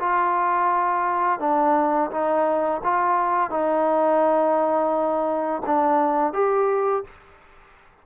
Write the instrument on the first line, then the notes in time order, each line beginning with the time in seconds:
trombone
0.00 F4
1.40 D4
2.11 D#4
2.84 F4
3.51 D#4
5.66 D4
6.34 G4